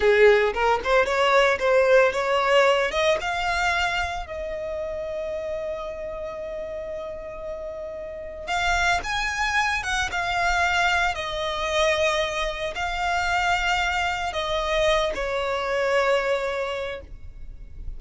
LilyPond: \new Staff \with { instrumentName = "violin" } { \time 4/4 \tempo 4 = 113 gis'4 ais'8 c''8 cis''4 c''4 | cis''4. dis''8 f''2 | dis''1~ | dis''1 |
f''4 gis''4. fis''8 f''4~ | f''4 dis''2. | f''2. dis''4~ | dis''8 cis''2.~ cis''8 | }